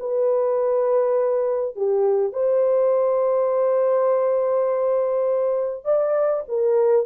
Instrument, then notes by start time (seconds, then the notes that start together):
horn
0.00 B4
1.76 G4
2.33 C5
5.85 D5
6.48 A#4